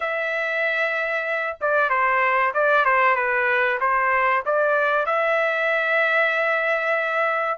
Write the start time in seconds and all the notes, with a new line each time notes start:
0.00 E5
1.60 D5
1.89 C5
2.53 D5
2.84 C5
3.15 B4
3.80 C5
4.45 D5
5.06 E5